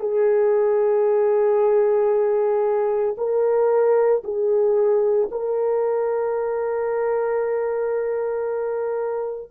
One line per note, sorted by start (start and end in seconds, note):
0.00 3.16 G#4
3.18 4.23 A#4
4.24 5.29 G#4
5.31 9.51 A#4